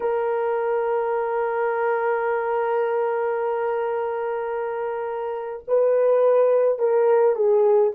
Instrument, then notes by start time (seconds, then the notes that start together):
horn
0.00 A#4
5.67 B4
6.79 A#4
7.35 G#4